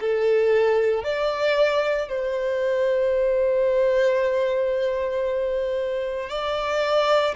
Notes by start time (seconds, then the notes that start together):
0.00 A4
1.03 D5
2.09 C5
6.30 D5